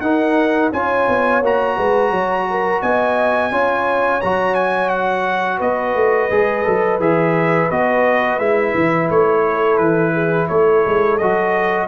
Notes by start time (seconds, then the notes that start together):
0.00 D#4 A#4 F#5
0.72 C#4 F4 C#5 G#5
1.08 B3
1.42 A#3 F#4 A#5
1.77 G#3 B4
2.10 F#3 C#5
2.50 A#4
2.82 B3 D#5 G#5
3.51 C#4 F4 C#5
4.21 F#3 F#4 A#5
4.54 G#5
4.89 F#5
5.58 B3 B4 D#5
5.95 A3
6.30 G#3 G#4
6.64 F#3 A4
6.99 E3 G#4 E5
7.70 B3 F#4 D#5
8.38 G#3 E4 E5
8.74 E3
9.09 A3 C#5
9.47 A4
9.77 E3 B4
10.13 G#4
10.48 A3 A4 C#5
10.86 G#3
11.17 F#3 F#4 D#5